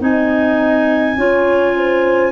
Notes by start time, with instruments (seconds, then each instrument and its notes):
0.00 tuba C4, clarinet D#4 G#5, horn D#5
1.16 tuba C#4, clarinet F4, horn C#5
1.76 horn C5